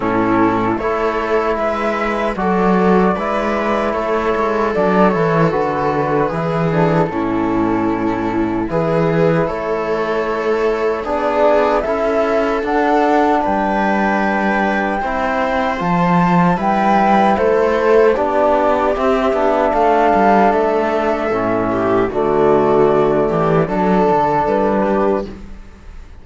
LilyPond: <<
  \new Staff \with { instrumentName = "flute" } { \time 4/4 \tempo 4 = 76 a'4 cis''4 e''4 d''4~ | d''4 cis''4 d''8 cis''8 b'4~ | b'8 a'2~ a'8 b'4 | cis''2 d''4 e''4 |
fis''4 g''2. | a''4 g''4 c''4 d''4 | e''4 f''4 e''2 | d''2 a'4 b'4 | }
  \new Staff \with { instrumentName = "viola" } { \time 4/4 e'4 a'4 b'4 a'4 | b'4 a'2. | gis'4 e'2 gis'4 | a'2 gis'4 a'4~ |
a'4 b'2 c''4~ | c''4 b'4 a'4 g'4~ | g'4 a'2~ a'8 g'8 | fis'4. g'8 a'4. g'8 | }
  \new Staff \with { instrumentName = "trombone" } { \time 4/4 cis'4 e'2 fis'4 | e'2 d'8 e'8 fis'4 | e'8 d'8 cis'2 e'4~ | e'2 d'4 e'4 |
d'2. e'4 | f'4 e'2 d'4 | c'8 d'2~ d'8 cis'4 | a2 d'2 | }
  \new Staff \with { instrumentName = "cello" } { \time 4/4 a,4 a4 gis4 fis4 | gis4 a8 gis8 fis8 e8 d4 | e4 a,2 e4 | a2 b4 cis'4 |
d'4 g2 c'4 | f4 g4 a4 b4 | c'8 b8 a8 g8 a4 a,4 | d4. e8 fis8 d8 g4 | }
>>